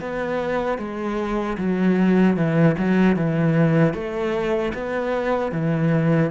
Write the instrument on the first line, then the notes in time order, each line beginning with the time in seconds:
cello
0.00 B3
0.78 G#3
1.58 F#3
2.36 E3
2.78 F#3
3.16 E3
3.93 A3
4.73 B3
5.52 E3